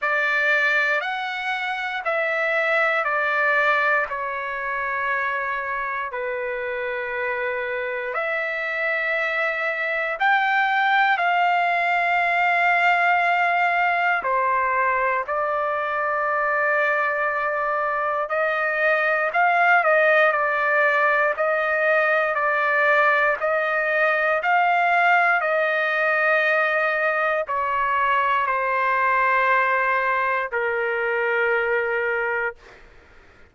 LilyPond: \new Staff \with { instrumentName = "trumpet" } { \time 4/4 \tempo 4 = 59 d''4 fis''4 e''4 d''4 | cis''2 b'2 | e''2 g''4 f''4~ | f''2 c''4 d''4~ |
d''2 dis''4 f''8 dis''8 | d''4 dis''4 d''4 dis''4 | f''4 dis''2 cis''4 | c''2 ais'2 | }